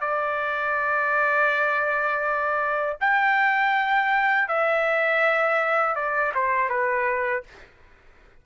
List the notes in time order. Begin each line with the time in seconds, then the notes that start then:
0.00 D5
3.00 G5
4.48 E5
5.95 D5
6.34 C5
6.69 B4